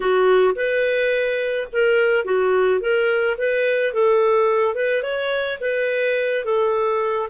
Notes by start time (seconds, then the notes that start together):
0.00 F#4
0.55 B4
1.72 A#4
2.24 F#4
2.80 A#4
3.37 B4
3.93 A4
4.75 B4
5.02 C#5
5.60 B4
6.44 A4